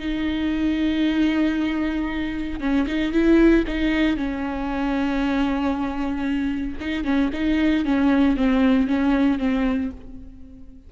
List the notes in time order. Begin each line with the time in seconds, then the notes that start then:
0.00 D#4
2.60 C#4
2.87 D#4
3.13 E4
3.68 D#4
4.17 C#4
6.80 D#4
7.04 C#4
7.33 D#4
7.85 C#4
8.37 C4
8.88 C#4
9.39 C4